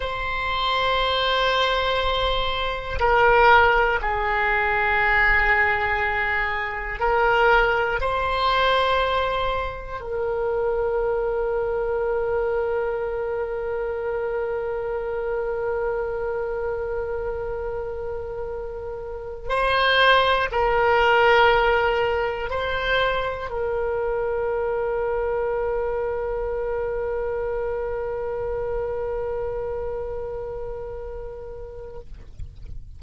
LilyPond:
\new Staff \with { instrumentName = "oboe" } { \time 4/4 \tempo 4 = 60 c''2. ais'4 | gis'2. ais'4 | c''2 ais'2~ | ais'1~ |
ais'2.~ ais'8 c''8~ | c''8 ais'2 c''4 ais'8~ | ais'1~ | ais'1 | }